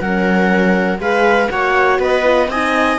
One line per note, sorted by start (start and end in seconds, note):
0.00 0.99 F#3
0.00 0.99 C#4
0.00 1.01 A#4
0.00 1.00 F#5
0.99 1.48 G#3
0.99 1.49 G#4
0.99 1.51 B4
0.99 1.50 F5
1.49 1.99 A#3
1.49 2.23 F#4
1.49 2.00 C#5
1.49 1.99 F#5
1.99 2.48 B3
1.99 2.49 B4
1.99 2.50 D#5
2.23 2.48 F4
2.48 2.97 C4
2.48 2.99 D#4
2.48 2.99 D#5
2.48 2.99 G#5